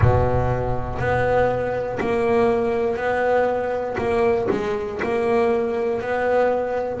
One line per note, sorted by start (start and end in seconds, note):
0.01 0.98 B2
0.98 1.98 B3
2.00 2.96 A#3
2.96 3.96 B3
3.98 4.48 A#3
4.50 5.00 G#3
5.02 6.00 A#3
6.00 7.00 B3